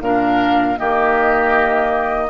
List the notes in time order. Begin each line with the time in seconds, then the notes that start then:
0.00 A#2 D4 A#4 F5
0.77 D#3 A#3 G4 D#5